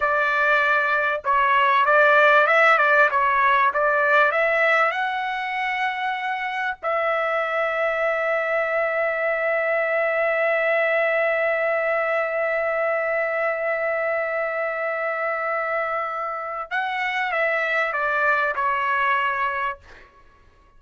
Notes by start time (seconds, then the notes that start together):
0.00 D5
1.24 C#5
1.85 D5
2.47 E5
2.78 D5
3.10 C#5
3.73 D5
4.31 E5
4.91 F#5
6.82 E5
16.70 F#5
17.32 E5
17.92 D5
18.55 C#5